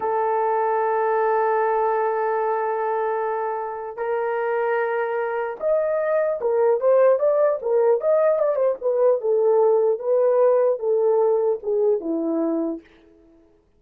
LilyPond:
\new Staff \with { instrumentName = "horn" } { \time 4/4 \tempo 4 = 150 a'1~ | a'1~ | a'2 ais'2~ | ais'2 dis''2 |
ais'4 c''4 d''4 ais'4 | dis''4 d''8 c''8 b'4 a'4~ | a'4 b'2 a'4~ | a'4 gis'4 e'2 | }